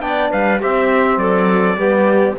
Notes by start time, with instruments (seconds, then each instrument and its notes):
0.00 cello B3, trombone D4, clarinet D5, trumpet G5
0.31 cello G3, clarinet B4, trumpet F5
0.61 cello C4, trombone C4, clarinet G4, trumpet E5
1.17 cello F#3, clarinet A4, trumpet D5
1.76 cello G3, trombone B3, clarinet G4